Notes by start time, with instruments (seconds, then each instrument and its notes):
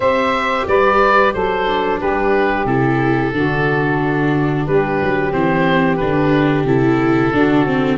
0.00 tuba C4, viola G4, saxophone C5, oboe E5
0.67 tuba G3, saxophone B4, oboe D5
1.33 tuba F#3, saxophone A4, oboe C5
1.66 viola D4
1.98 tuba G3, saxophone G4, oboe B4
2.65 tuba C3, viola E4, oboe A4
3.33 tuba D3, viola D4, saxophone F#4
4.66 tuba G3, saxophone G4, oboe B4
5.01 tuba F#3
5.31 tuba E3, viola C4, oboe C5
5.96 tuba D3, viola D4, oboe B4
6.64 tuba C3, viola E4, oboe A4
7.32 tuba D3, viola D4, saxophone F#4
7.65 viola C4